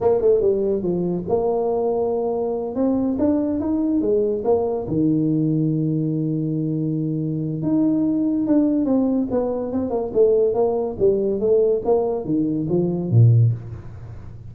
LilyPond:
\new Staff \with { instrumentName = "tuba" } { \time 4/4 \tempo 4 = 142 ais8 a8 g4 f4 ais4~ | ais2~ ais8 c'4 d'8~ | d'8 dis'4 gis4 ais4 dis8~ | dis1~ |
dis2 dis'2 | d'4 c'4 b4 c'8 ais8 | a4 ais4 g4 a4 | ais4 dis4 f4 ais,4 | }